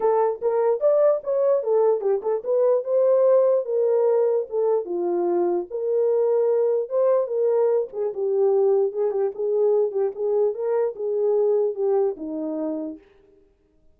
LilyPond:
\new Staff \with { instrumentName = "horn" } { \time 4/4 \tempo 4 = 148 a'4 ais'4 d''4 cis''4 | a'4 g'8 a'8 b'4 c''4~ | c''4 ais'2 a'4 | f'2 ais'2~ |
ais'4 c''4 ais'4. gis'8 | g'2 gis'8 g'8 gis'4~ | gis'8 g'8 gis'4 ais'4 gis'4~ | gis'4 g'4 dis'2 | }